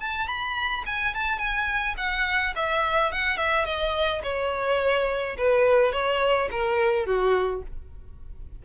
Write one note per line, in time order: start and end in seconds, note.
0.00 0.28 A5
0.28 0.84 B5
0.86 1.14 G#5
1.15 1.38 A5
1.38 1.95 G#5
1.97 2.54 F#5
2.56 3.12 E5
3.12 3.38 F#5
3.38 3.66 E5
3.66 4.22 D#5
4.23 5.37 C#5
5.38 5.93 B4
5.93 6.49 C#5
6.51 7.06 A#4
7.06 7.63 F#4